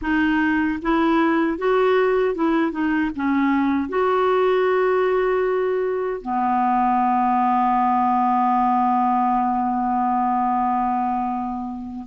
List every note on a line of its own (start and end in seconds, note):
0.01 0.79 D#4
0.82 1.58 E4
1.58 2.34 F#4
2.34 2.71 E4
2.71 3.10 D#4
3.15 3.89 C#4
3.89 6.21 F#4
6.21 12.06 B3